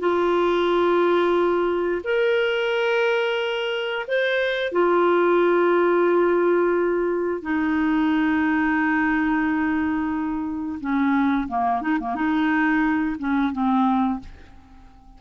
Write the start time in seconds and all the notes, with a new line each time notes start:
0.00 F4
2.04 A#4
4.08 C5
4.73 F4
7.42 D#4
10.81 C#4
11.49 A#3
11.82 D#4
12.01 A#3
12.16 D#4
13.19 C#4
13.53 C4